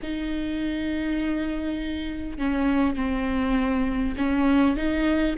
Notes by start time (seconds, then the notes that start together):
0.02 D#4
2.38 C#4
2.95 C4
4.17 C#4
4.76 D#4